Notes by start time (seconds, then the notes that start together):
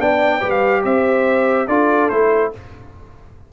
0.00 B3 D4 D5 G5
0.40 G3 G4 B4
0.50 F5
0.84 C4 C5 E5
1.68 D4 F4 A4 D5
2.09 A3 E4 C5